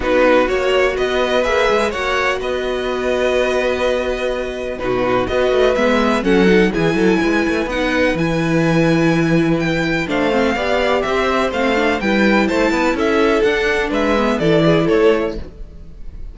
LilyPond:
<<
  \new Staff \with { instrumentName = "violin" } { \time 4/4 \tempo 4 = 125 b'4 cis''4 dis''4 e''4 | fis''4 dis''2.~ | dis''2 b'4 dis''4 | e''4 fis''4 gis''2 |
fis''4 gis''2. | g''4 f''2 e''4 | f''4 g''4 a''4 e''4 | fis''4 e''4 d''4 cis''4 | }
  \new Staff \with { instrumentName = "violin" } { \time 4/4 fis'2 b'2 | cis''4 b'2.~ | b'2 fis'4 b'4~ | b'4 a'4 gis'8 a'8 b'4~ |
b'1~ | b'4 c''4 d''4 c''4~ | c''4 b'4 c''8 b'8 a'4~ | a'4 b'4 a'8 gis'8 a'4 | }
  \new Staff \with { instrumentName = "viola" } { \time 4/4 dis'4 fis'2 gis'4 | fis'1~ | fis'2 dis'4 fis'4 | b4 cis'8 dis'8 e'2 |
dis'4 e'2.~ | e'4 d'8 c'8 g'2 | c'8 d'8 e'2. | d'4. b8 e'2 | }
  \new Staff \with { instrumentName = "cello" } { \time 4/4 b4 ais4 b4 ais8 gis8 | ais4 b2.~ | b2 b,4 b8 a8 | gis4 fis4 e8 fis8 gis8 a8 |
b4 e2.~ | e4 a4 b4 c'4 | a4 g4 a8 b8 cis'4 | d'4 gis4 e4 a4 | }
>>